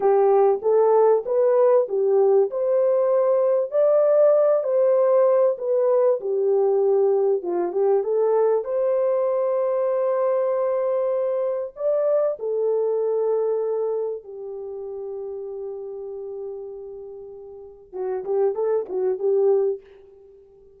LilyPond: \new Staff \with { instrumentName = "horn" } { \time 4/4 \tempo 4 = 97 g'4 a'4 b'4 g'4 | c''2 d''4. c''8~ | c''4 b'4 g'2 | f'8 g'8 a'4 c''2~ |
c''2. d''4 | a'2. g'4~ | g'1~ | g'4 fis'8 g'8 a'8 fis'8 g'4 | }